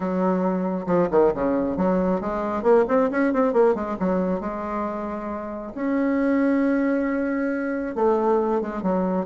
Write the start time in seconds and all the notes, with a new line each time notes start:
0.00 F#3
0.86 F3
1.10 D#3
1.34 C#3
1.76 F#3
2.21 G#3
2.62 A#3
2.88 C4
3.11 C#4
3.33 C4
3.53 A#3
3.74 G#3
3.99 F#3
4.40 G#3
5.75 C#4
7.95 A3
8.61 G#3
8.82 F#3